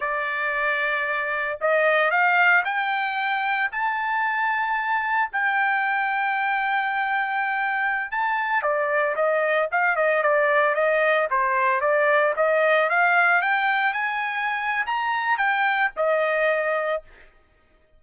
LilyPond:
\new Staff \with { instrumentName = "trumpet" } { \time 4/4 \tempo 4 = 113 d''2. dis''4 | f''4 g''2 a''4~ | a''2 g''2~ | g''2.~ g''16 a''8.~ |
a''16 d''4 dis''4 f''8 dis''8 d''8.~ | d''16 dis''4 c''4 d''4 dis''8.~ | dis''16 f''4 g''4 gis''4.~ gis''16 | ais''4 g''4 dis''2 | }